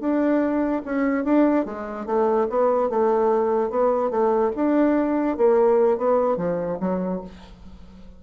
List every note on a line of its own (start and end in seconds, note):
0.00 0.82 D4
0.85 1.25 C#4
1.25 1.65 D4
1.65 2.06 G#3
2.06 2.47 A3
2.50 2.90 B3
2.90 3.70 A3
3.70 4.10 B3
4.10 4.51 A3
4.56 5.37 D4
5.37 5.98 A#3
5.98 6.37 B3
6.37 6.78 F3
6.80 7.21 F#3